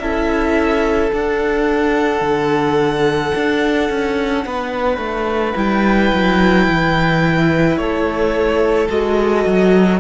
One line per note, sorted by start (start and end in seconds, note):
0.00 1.11 C#4
0.00 1.12 E4
0.00 4.46 A4
0.00 1.11 E5
1.12 5.55 D4
1.12 2.21 D4
1.12 5.57 F#5
2.21 3.32 D3
3.36 3.90 D4
3.90 4.45 C#4
4.46 4.98 B3
4.46 7.80 B4
4.98 5.53 A3
5.55 6.12 G3
5.55 8.89 E4
5.55 7.78 G5
6.13 6.68 F#3
6.68 7.78 E3
7.78 8.89 A3
7.78 10.01 A4
7.78 8.89 C#5
8.89 9.46 G#3
8.89 10.00 F#4
8.89 10.01 D#5
9.47 10.01 F#3